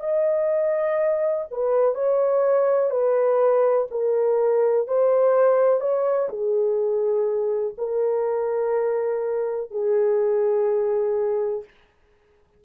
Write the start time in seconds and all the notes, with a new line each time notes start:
0.00 D#5
1.50 B4
1.94 C#5
2.90 B4
3.91 A#4
4.87 C5
5.80 C#5
6.29 G#4
7.77 A#4
9.70 G#4